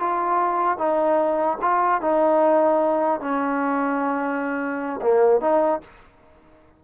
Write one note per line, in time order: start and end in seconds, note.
0.00 0.78 F4
0.78 1.58 D#4
1.62 2.01 F4
2.01 3.21 D#4
3.21 5.01 C#4
5.02 5.41 A#3
5.41 5.81 D#4